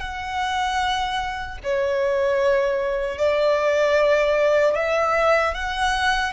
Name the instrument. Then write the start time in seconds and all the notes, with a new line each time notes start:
violin
0.00 F#5
1.64 C#5
3.18 D5
4.75 E5
5.54 F#5